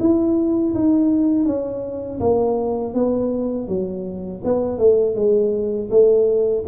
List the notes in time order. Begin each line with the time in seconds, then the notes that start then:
0.00 E4
0.75 D#4
1.45 C#4
2.20 A#3
2.94 B3
3.68 F#3
4.44 B3
4.78 A3
5.15 G#3
5.90 A3